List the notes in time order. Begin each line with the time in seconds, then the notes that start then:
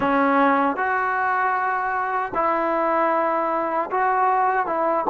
0.00 C#4
0.76 F#4
2.34 E4
3.90 F#4
4.66 E4